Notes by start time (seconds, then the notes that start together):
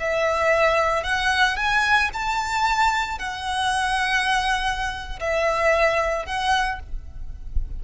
0.00 E5
1.03 F#5
1.57 G#5
2.13 A5
3.19 F#5
5.20 E5
6.26 F#5